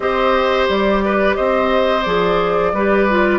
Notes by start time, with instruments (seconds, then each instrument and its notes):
0.00 bassoon C4, clarinet G4, oboe C5, flute D#5
0.68 bassoon G3, flute D5
1.04 oboe B4
1.36 bassoon C4, oboe C5, flute D#5
2.03 bassoon F3, clarinet G#4, flute D5
2.72 bassoon G3, clarinet G4, oboe B4
3.09 clarinet F4